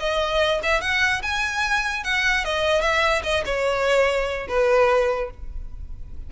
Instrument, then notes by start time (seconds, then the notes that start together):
violin
0.00 D#5
0.63 E5
0.82 F#5
1.23 G#5
2.04 F#5
2.45 D#5
2.82 E5
3.24 D#5
3.46 C#5
4.49 B4